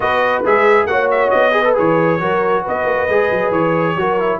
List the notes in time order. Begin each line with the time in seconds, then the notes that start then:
0.00 B3 F#4 B4 D#5
0.45 G#3 G#4 E5
0.86 A#3 F#4 C#5 F#5
1.10 E5
1.30 B3 D#5
1.51 G#4 B4
1.64 A4
1.75 E3 G#4 C#5
2.19 F#3 F#4 A#4
2.62 B3 B4 D#5
2.85 A#3
3.08 G#3 G#4
3.31 F#3
3.51 E3 C#5
3.95 F#3 F#4 A#4
4.19 E4